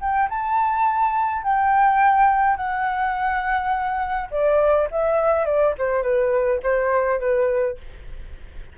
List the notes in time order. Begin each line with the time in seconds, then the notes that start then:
0.00 G5
0.29 A5
1.43 G5
2.56 F#5
4.30 D5
4.91 E5
5.45 D5
5.78 C5
6.02 B4
6.63 C5
7.20 B4